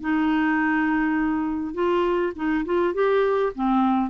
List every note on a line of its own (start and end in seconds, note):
0.00 1.74 D#4
1.74 2.32 F4
2.35 2.65 D#4
2.65 2.94 F4
2.94 3.52 G4
3.55 4.10 C4